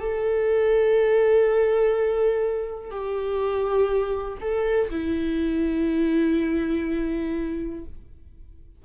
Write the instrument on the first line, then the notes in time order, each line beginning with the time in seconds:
viola
0.00 A4
2.91 G4
4.41 A4
4.90 E4